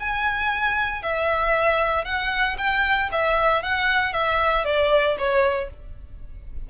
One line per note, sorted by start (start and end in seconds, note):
0.00 1.03 G#5
1.03 2.05 E5
2.05 2.57 F#5
2.58 3.10 G5
3.12 3.63 E5
3.63 4.13 F#5
4.13 4.65 E5
4.65 5.17 D5
5.18 5.70 C#5